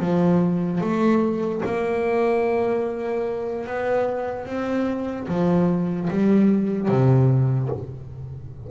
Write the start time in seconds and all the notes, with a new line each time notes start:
0.00 F3
0.81 A3
1.65 A#3
3.67 B3
4.46 C4
5.28 F3
6.11 G3
6.88 C3